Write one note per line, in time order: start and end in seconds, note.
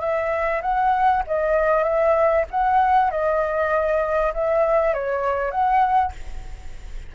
0.00 0.61 E5
0.62 1.23 F#5
1.27 1.83 D#5
1.83 2.44 E5
2.50 3.10 F#5
3.10 4.33 D#5
4.34 4.93 E5
4.93 5.51 C#5
5.51 6.12 F#5